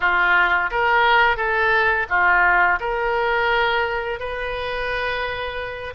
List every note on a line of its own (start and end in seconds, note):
0.00 0.70 F4
0.70 1.36 A#4
1.36 2.06 A4
2.09 2.79 F4
2.79 4.19 A#4
4.19 5.94 B4